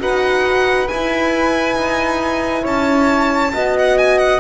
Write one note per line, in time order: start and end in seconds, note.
0.00 0.89 D#4
0.00 0.88 F#4
0.00 2.63 B4
0.00 0.88 F#5
0.88 3.53 E4
0.88 1.76 E4
0.88 2.65 G#5
1.76 2.64 D#4
2.63 3.53 C#4
2.63 3.51 C#5
2.63 3.77 A5
3.54 4.41 B3
3.54 4.41 F#4
3.54 4.41 D#5
3.79 3.98 F#5
3.98 4.18 G#5
4.18 4.40 F#5